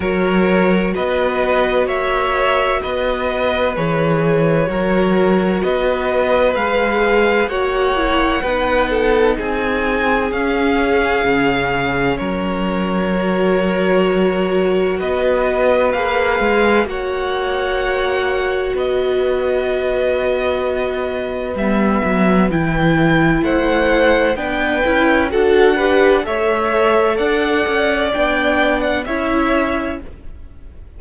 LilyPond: <<
  \new Staff \with { instrumentName = "violin" } { \time 4/4 \tempo 4 = 64 cis''4 dis''4 e''4 dis''4 | cis''2 dis''4 f''4 | fis''2 gis''4 f''4~ | f''4 cis''2. |
dis''4 f''4 fis''2 | dis''2. e''4 | g''4 fis''4 g''4 fis''4 | e''4 fis''4 g''8. fis''16 e''4 | }
  \new Staff \with { instrumentName = "violin" } { \time 4/4 ais'4 b'4 cis''4 b'4~ | b'4 ais'4 b'2 | cis''4 b'8 a'8 gis'2~ | gis'4 ais'2. |
b'2 cis''2 | b'1~ | b'4 c''4 b'4 a'8 b'8 | cis''4 d''2 cis''4 | }
  \new Staff \with { instrumentName = "viola" } { \time 4/4 fis'1 | gis'4 fis'2 gis'4 | fis'8 e'8 dis'2 cis'4~ | cis'2 fis'2~ |
fis'4 gis'4 fis'2~ | fis'2. b4 | e'2 d'8 e'8 fis'8 g'8 | a'2 d'4 e'4 | }
  \new Staff \with { instrumentName = "cello" } { \time 4/4 fis4 b4 ais4 b4 | e4 fis4 b4 gis4 | ais4 b4 c'4 cis'4 | cis4 fis2. |
b4 ais8 gis8 ais2 | b2. g8 fis8 | e4 a4 b8 cis'8 d'4 | a4 d'8 cis'8 b4 cis'4 | }
>>